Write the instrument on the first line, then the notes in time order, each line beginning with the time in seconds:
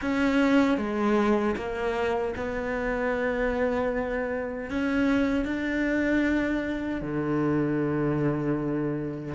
cello
0.01 C#4
0.77 G#3
1.56 A#3
2.36 B3
4.70 C#4
5.45 D4
7.01 D3